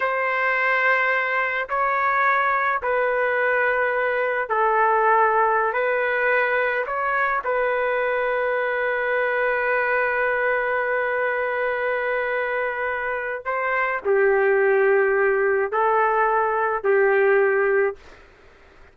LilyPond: \new Staff \with { instrumentName = "trumpet" } { \time 4/4 \tempo 4 = 107 c''2. cis''4~ | cis''4 b'2. | a'2~ a'16 b'4.~ b'16~ | b'16 cis''4 b'2~ b'8.~ |
b'1~ | b'1 | c''4 g'2. | a'2 g'2 | }